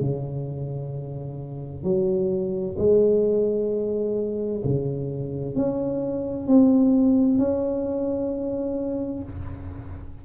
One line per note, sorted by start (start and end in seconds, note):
0.00 1.83 C#3
1.83 2.76 F#3
2.78 4.62 G#3
4.64 5.56 C#3
5.56 6.47 C#4
6.47 7.38 C4
7.38 9.23 C#4